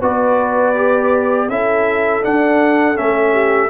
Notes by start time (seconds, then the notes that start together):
0.00 B3 F#4 B4 D5
0.75 G4
1.49 C#4 E4 A4 E5
2.22 D4 F#5
2.95 A3 C#4 E5
3.33 G4